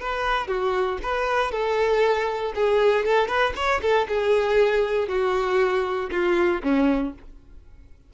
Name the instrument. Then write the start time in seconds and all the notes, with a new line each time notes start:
violin
0.00 B4
0.47 F#4
1.02 B4
1.51 A4
2.55 G#4
3.05 A4
3.27 B4
3.55 C#5
3.81 A4
4.08 G#4
5.08 F#4
6.10 F4
6.62 C#4